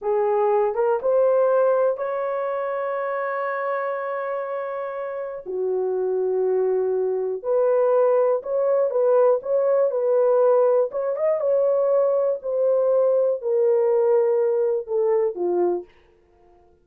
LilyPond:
\new Staff \with { instrumentName = "horn" } { \time 4/4 \tempo 4 = 121 gis'4. ais'8 c''2 | cis''1~ | cis''2. fis'4~ | fis'2. b'4~ |
b'4 cis''4 b'4 cis''4 | b'2 cis''8 dis''8 cis''4~ | cis''4 c''2 ais'4~ | ais'2 a'4 f'4 | }